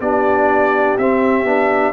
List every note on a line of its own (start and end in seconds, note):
0.00 0.97 B3
0.00 0.98 D4
0.00 1.93 G4
0.00 0.98 D5
0.98 1.44 C4
0.98 1.45 C4
0.98 1.93 E5
1.44 1.92 B3
1.44 1.93 D4